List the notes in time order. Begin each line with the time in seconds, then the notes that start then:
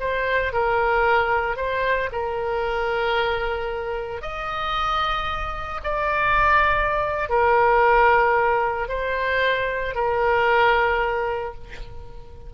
0.00 C5
0.53 A#4
1.56 C5
2.12 A#4
4.21 D#5
5.84 D5
7.29 A#4
8.88 C5
9.95 A#4